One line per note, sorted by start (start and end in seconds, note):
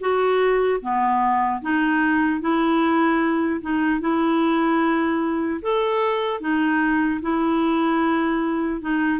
0.00 0.80 F#4
0.81 1.61 B3
1.61 2.40 D#4
2.40 3.60 E4
3.61 4.00 D#4
4.00 5.60 E4
5.61 6.40 A4
6.40 7.20 D#4
7.21 8.81 E4
8.81 9.19 D#4